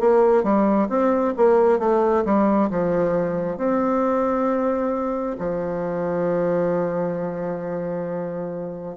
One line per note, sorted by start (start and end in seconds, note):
0.00 0.43 A#3
0.43 0.88 G3
0.89 1.34 C4
1.36 1.79 A#3
1.79 2.23 A3
2.25 2.70 G3
2.70 3.57 F3
3.57 5.36 C4
5.39 8.96 F3